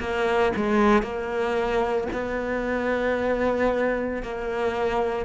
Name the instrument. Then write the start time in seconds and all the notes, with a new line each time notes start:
cello
0.00 A#3
0.57 G#3
1.03 A#3
2.13 B3
4.23 A#3